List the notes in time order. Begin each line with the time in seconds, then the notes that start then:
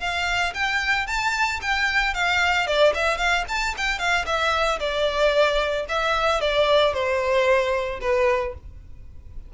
0.00 F5
0.54 G5
1.07 A5
1.62 G5
2.14 F5
2.67 D5
2.94 E5
3.18 F5
3.49 A5
3.77 G5
3.99 F5
4.26 E5
4.80 D5
5.89 E5
6.41 D5
6.94 C5
8.01 B4